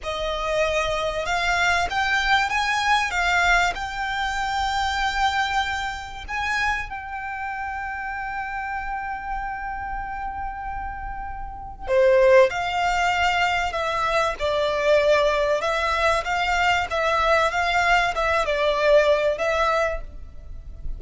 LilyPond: \new Staff \with { instrumentName = "violin" } { \time 4/4 \tempo 4 = 96 dis''2 f''4 g''4 | gis''4 f''4 g''2~ | g''2 gis''4 g''4~ | g''1~ |
g''2. c''4 | f''2 e''4 d''4~ | d''4 e''4 f''4 e''4 | f''4 e''8 d''4. e''4 | }